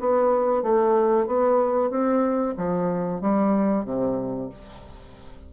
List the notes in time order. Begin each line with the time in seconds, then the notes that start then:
0.00 B3
0.63 A3
1.27 B3
1.90 C4
2.57 F3
3.21 G3
3.85 C3